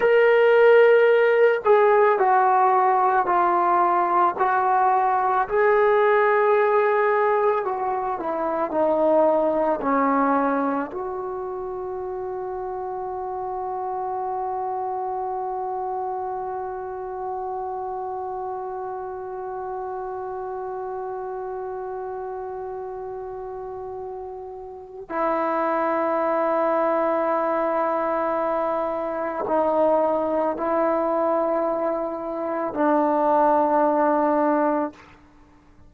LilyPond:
\new Staff \with { instrumentName = "trombone" } { \time 4/4 \tempo 4 = 55 ais'4. gis'8 fis'4 f'4 | fis'4 gis'2 fis'8 e'8 | dis'4 cis'4 fis'2~ | fis'1~ |
fis'1~ | fis'2. e'4~ | e'2. dis'4 | e'2 d'2 | }